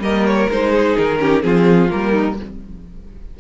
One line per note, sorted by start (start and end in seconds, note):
0.00 0.47 G3
0.00 0.50 A#3
0.00 0.72 A#4
0.00 0.26 D#5
0.26 0.50 C#5
0.50 0.97 G#3
0.50 1.19 D#4
0.50 0.97 C5
0.72 1.20 G#4
0.97 1.44 D#3
0.97 1.42 A#4
1.19 1.41 C#4
1.19 1.45 G4
1.41 1.91 F3
1.41 1.88 C4
1.41 2.11 F4
1.41 1.90 G#4
1.90 2.40 G3
1.90 2.38 A#3
1.90 2.39 A#4
2.11 2.35 D#4